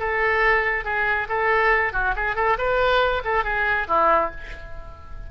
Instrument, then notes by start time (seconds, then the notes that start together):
oboe
0.00 A4
0.85 G#4
1.29 A4
1.93 F#4
2.16 G#4
2.36 A4
2.58 B4
3.25 A4
3.44 G#4
3.88 E4